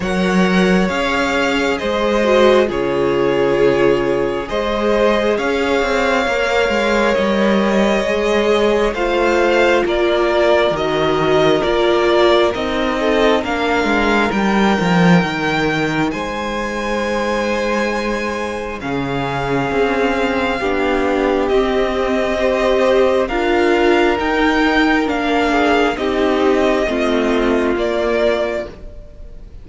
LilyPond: <<
  \new Staff \with { instrumentName = "violin" } { \time 4/4 \tempo 4 = 67 fis''4 f''4 dis''4 cis''4~ | cis''4 dis''4 f''2 | dis''2 f''4 d''4 | dis''4 d''4 dis''4 f''4 |
g''2 gis''2~ | gis''4 f''2. | dis''2 f''4 g''4 | f''4 dis''2 d''4 | }
  \new Staff \with { instrumentName = "violin" } { \time 4/4 cis''2 c''4 gis'4~ | gis'4 c''4 cis''2~ | cis''2 c''4 ais'4~ | ais'2~ ais'8 a'8 ais'4~ |
ais'2 c''2~ | c''4 gis'2 g'4~ | g'4 c''4 ais'2~ | ais'8 gis'8 g'4 f'2 | }
  \new Staff \with { instrumentName = "viola" } { \time 4/4 ais'4 gis'4. fis'8 f'4~ | f'4 gis'2 ais'4~ | ais'4 gis'4 f'2 | fis'4 f'4 dis'4 d'4 |
dis'1~ | dis'4 cis'2 d'4 | c'4 g'4 f'4 dis'4 | d'4 dis'4 c'4 ais4 | }
  \new Staff \with { instrumentName = "cello" } { \time 4/4 fis4 cis'4 gis4 cis4~ | cis4 gis4 cis'8 c'8 ais8 gis8 | g4 gis4 a4 ais4 | dis4 ais4 c'4 ais8 gis8 |
g8 f8 dis4 gis2~ | gis4 cis4 c'4 b4 | c'2 d'4 dis'4 | ais4 c'4 a4 ais4 | }
>>